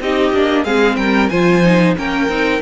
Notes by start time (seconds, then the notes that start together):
0.00 C4 D#4 G4 D#5
0.33 A#3 D4
0.64 G#3 C4 G#4 F5
0.96 G3 A#4 G5
1.29 F3 F4 C5 G#5
1.64 D#4
1.96 A#3 C#4 A#4 G5
2.29 C4 D#4